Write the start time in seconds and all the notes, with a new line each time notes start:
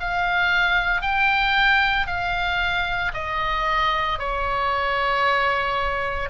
0.00 F5
1.02 G5
2.07 F5
3.13 D#5
4.19 C#5